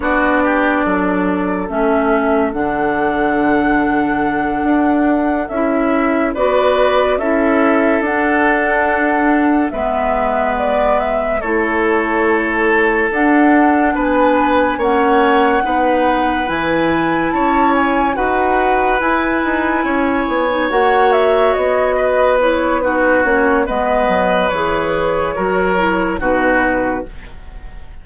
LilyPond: <<
  \new Staff \with { instrumentName = "flute" } { \time 4/4 \tempo 4 = 71 d''2 e''4 fis''4~ | fis''2~ fis''8 e''4 d''8~ | d''8 e''4 fis''2 e''8~ | e''8 d''8 e''8 cis''2 fis''8~ |
fis''8 gis''4 fis''2 gis''8~ | gis''8 a''8 gis''8 fis''4 gis''4.~ | gis''8 fis''8 e''8 dis''4 cis''8 b'8 cis''8 | dis''4 cis''2 b'4 | }
  \new Staff \with { instrumentName = "oboe" } { \time 4/4 fis'8 g'8 a'2.~ | a'2.~ a'8 b'8~ | b'8 a'2. b'8~ | b'4. a'2~ a'8~ |
a'8 b'4 cis''4 b'4.~ | b'8 cis''4 b'2 cis''8~ | cis''2 b'4 fis'4 | b'2 ais'4 fis'4 | }
  \new Staff \with { instrumentName = "clarinet" } { \time 4/4 d'2 cis'4 d'4~ | d'2~ d'8 e'4 fis'8~ | fis'8 e'4 d'2 b8~ | b4. e'2 d'8~ |
d'4. cis'4 dis'4 e'8~ | e'4. fis'4 e'4.~ | e'16 dis'16 fis'2 e'8 dis'8 cis'8 | b4 gis'4 fis'8 e'8 dis'4 | }
  \new Staff \with { instrumentName = "bassoon" } { \time 4/4 b4 fis4 a4 d4~ | d4. d'4 cis'4 b8~ | b8 cis'4 d'2 gis8~ | gis4. a2 d'8~ |
d'8 b4 ais4 b4 e8~ | e8 cis'4 dis'4 e'8 dis'8 cis'8 | b8 ais4 b2 ais8 | gis8 fis8 e4 fis4 b,4 | }
>>